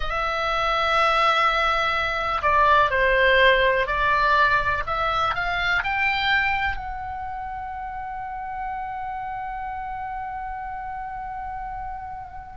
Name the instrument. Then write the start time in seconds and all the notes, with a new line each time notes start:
oboe
0.00 E5
2.41 D5
2.90 C5
3.87 D5
4.86 E5
5.34 F5
5.83 G5
6.76 F#5